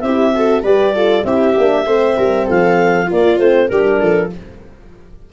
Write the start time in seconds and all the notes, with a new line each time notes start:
0.00 C4 E4 G4 E5
0.33 F#4 A4
0.62 G3 G4 B4 D5
0.94 F4 A4
1.24 C4 E4 G4 E5
1.56 A#3 D4
1.85 A3 C4 C5
2.16 G3 A#4
2.46 F3 A4 F5
3.06 A#3 F4 D5
3.38 A3 C4 C5
3.68 G3 D4 G4 A#4
4.00 F3 A4